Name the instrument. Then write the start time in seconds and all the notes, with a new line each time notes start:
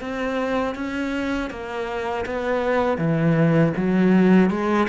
cello
0.00 C4
0.75 C#4
1.50 A#3
2.26 B3
2.97 E3
3.76 F#3
4.50 G#3